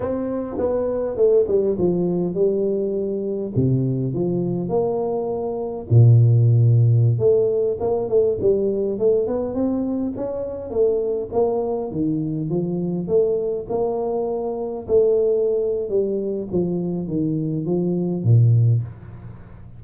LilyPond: \new Staff \with { instrumentName = "tuba" } { \time 4/4 \tempo 4 = 102 c'4 b4 a8 g8 f4 | g2 c4 f4 | ais2 ais,2~ | ais,16 a4 ais8 a8 g4 a8 b16~ |
b16 c'4 cis'4 a4 ais8.~ | ais16 dis4 f4 a4 ais8.~ | ais4~ ais16 a4.~ a16 g4 | f4 dis4 f4 ais,4 | }